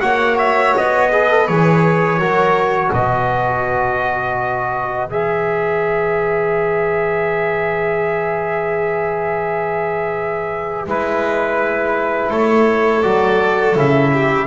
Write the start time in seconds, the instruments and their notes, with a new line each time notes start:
0.00 double bass A#3, trombone F#4, violin C#5, trumpet F#5
0.38 trumpet E5
0.76 double bass B3, trumpet D#5
1.12 trombone G#4, violin B4
1.30 trombone A4
1.47 double bass E3, trombone G#4, trumpet C#5
2.18 double bass F#3, trombone F#4, violin A#4
2.90 double bass B2, violin B4, trumpet D#5
5.07 double bass E3, trombone G#4, trumpet E5
10.86 double bass G#3, trombone E4, trumpet B4
12.30 double bass A3, violin A4, trumpet C#5
13.02 double bass F#3, trombone F#4, trumpet D5
13.74 double bass C#3, trombone E4, trumpet E5
14.13 violin G4